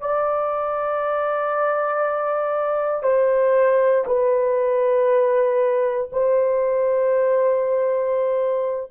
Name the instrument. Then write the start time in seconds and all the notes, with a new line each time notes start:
horn
0.00 D5
3.03 C5
4.07 B4
6.12 C5